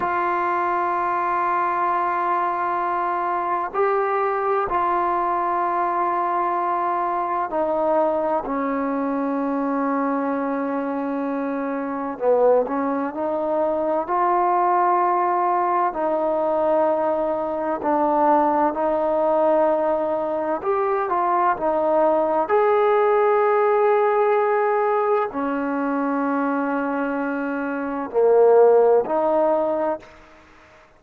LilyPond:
\new Staff \with { instrumentName = "trombone" } { \time 4/4 \tempo 4 = 64 f'1 | g'4 f'2. | dis'4 cis'2.~ | cis'4 b8 cis'8 dis'4 f'4~ |
f'4 dis'2 d'4 | dis'2 g'8 f'8 dis'4 | gis'2. cis'4~ | cis'2 ais4 dis'4 | }